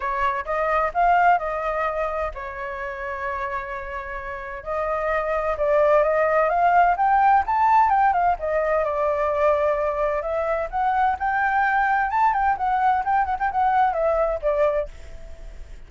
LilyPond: \new Staff \with { instrumentName = "flute" } { \time 4/4 \tempo 4 = 129 cis''4 dis''4 f''4 dis''4~ | dis''4 cis''2.~ | cis''2 dis''2 | d''4 dis''4 f''4 g''4 |
a''4 g''8 f''8 dis''4 d''4~ | d''2 e''4 fis''4 | g''2 a''8 g''8 fis''4 | g''8 fis''16 g''16 fis''4 e''4 d''4 | }